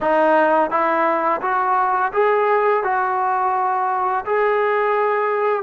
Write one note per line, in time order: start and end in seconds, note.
0.00 0.70 D#4
0.70 1.41 E4
1.41 2.11 F#4
2.12 2.83 G#4
2.83 4.24 F#4
4.25 5.62 G#4